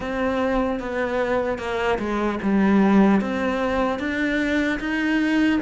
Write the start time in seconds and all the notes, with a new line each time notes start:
0.00 C4
0.79 B3
1.58 A#3
1.98 G#3
2.42 G3
3.20 C4
3.99 D4
4.79 D#4